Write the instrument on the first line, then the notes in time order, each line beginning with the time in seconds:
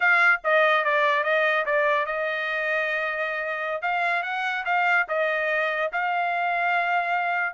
trumpet
0.00 F5
0.43 D#5
0.84 D5
1.23 D#5
1.65 D5
2.06 D#5
3.82 F5
4.23 F#5
4.65 F5
5.08 D#5
5.92 F5